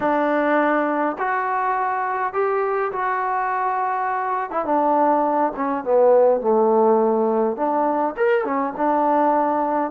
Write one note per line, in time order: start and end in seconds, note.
0.00 1.16 D4
1.18 2.33 F#4
2.33 2.91 G4
2.92 4.50 F#4
4.50 4.65 E4
4.65 5.52 D4
5.56 5.84 C#4
5.84 6.41 B3
6.41 7.56 A3
7.56 8.14 D4
8.16 8.44 A#4
8.44 8.73 C#4
8.76 9.91 D4